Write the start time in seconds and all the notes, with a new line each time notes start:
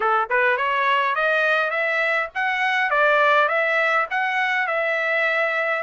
0.00 A4
0.29 B4
0.57 C#5
1.15 D#5
1.70 E5
2.34 F#5
2.90 D5
3.48 E5
4.10 F#5
4.67 E5